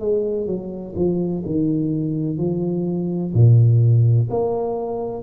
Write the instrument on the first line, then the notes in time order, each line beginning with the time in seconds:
tuba
0.00 G#3
0.47 F#3
0.96 F3
1.45 D#3
2.38 F3
3.34 A#2
4.30 A#3